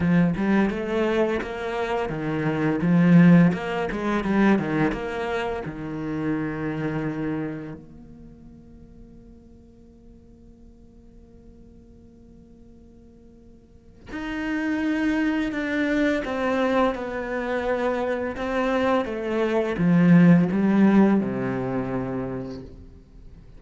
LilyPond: \new Staff \with { instrumentName = "cello" } { \time 4/4 \tempo 4 = 85 f8 g8 a4 ais4 dis4 | f4 ais8 gis8 g8 dis8 ais4 | dis2. ais4~ | ais1~ |
ais1 | dis'2 d'4 c'4 | b2 c'4 a4 | f4 g4 c2 | }